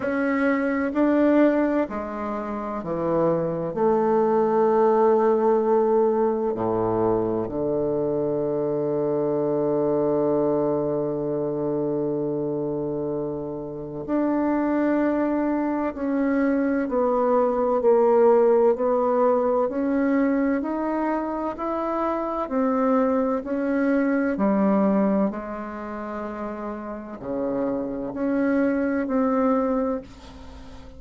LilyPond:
\new Staff \with { instrumentName = "bassoon" } { \time 4/4 \tempo 4 = 64 cis'4 d'4 gis4 e4 | a2. a,4 | d1~ | d2. d'4~ |
d'4 cis'4 b4 ais4 | b4 cis'4 dis'4 e'4 | c'4 cis'4 g4 gis4~ | gis4 cis4 cis'4 c'4 | }